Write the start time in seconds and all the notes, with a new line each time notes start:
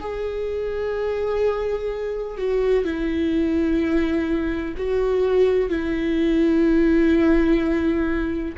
0.00 G#4
2.37 F#4
2.84 E4
4.77 F#4
5.69 E4